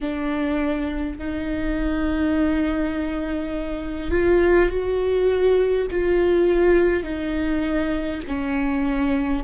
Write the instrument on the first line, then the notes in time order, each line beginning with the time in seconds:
viola
0.00 D4
1.18 D#4
4.11 F4
4.69 F#4
5.90 F4
7.03 D#4
8.27 C#4